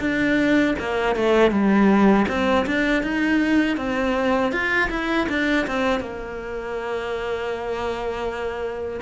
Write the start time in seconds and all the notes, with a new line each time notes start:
0.00 D4
0.79 A#3
1.16 A3
1.51 G3
2.28 C4
2.66 D4
3.03 D#4
3.77 C4
4.52 F4
4.90 E4
5.29 D4
5.67 C4
6.00 A#3